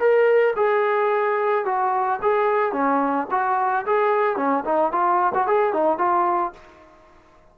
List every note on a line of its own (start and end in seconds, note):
0.00 0.55 A#4
0.57 1.65 G#4
1.65 2.20 F#4
2.23 2.73 G#4
2.73 3.28 C#4
3.31 3.86 F#4
3.86 4.37 G#4
4.37 4.64 C#4
4.65 4.92 D#4
4.92 5.33 F4
5.35 5.47 F#4
5.47 5.73 G#4
5.73 5.99 D#4
5.99 6.53 F4